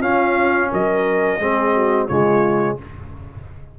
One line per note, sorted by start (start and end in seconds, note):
0.00 0.71 C#4
0.00 1.40 C#4
0.00 0.69 F4
0.00 0.71 F5
0.72 1.39 F#3
0.72 1.41 A#4
0.72 2.07 D#5
1.39 2.08 G#3
1.39 2.09 C4
1.39 1.74 G#4
1.74 2.08 F#4
2.07 2.79 C#3
2.07 2.78 G#3
2.07 2.77 F4
2.07 2.76 C#5